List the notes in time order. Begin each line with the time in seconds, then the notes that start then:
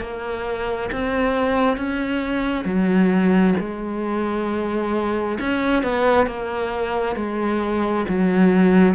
0.00 A#3
0.92 C4
1.77 C#4
2.65 F#3
3.59 G#3
5.39 C#4
5.82 B3
6.26 A#3
7.16 G#3
8.08 F#3